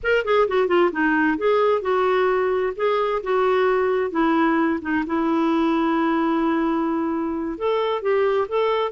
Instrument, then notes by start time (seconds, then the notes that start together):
clarinet
0.03 A#4
0.24 G#4
0.47 F#4
0.67 F4
0.92 D#4
1.37 G#4
1.81 F#4
2.76 G#4
3.23 F#4
4.10 E4
4.81 D#4
5.06 E4
7.58 A4
8.02 G4
8.48 A4